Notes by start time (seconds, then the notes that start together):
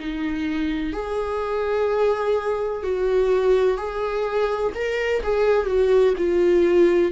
0.00 D#4
0.93 G#4
2.84 F#4
3.78 G#4
4.75 A#4
5.23 G#4
5.67 F#4
6.18 F4